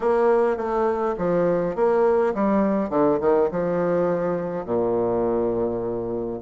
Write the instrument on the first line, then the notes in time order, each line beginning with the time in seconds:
bassoon
0.00 A#3
0.56 A3
1.18 F3
1.75 A#3
2.34 G3
2.89 D3
3.20 D#3
3.51 F3
4.65 A#2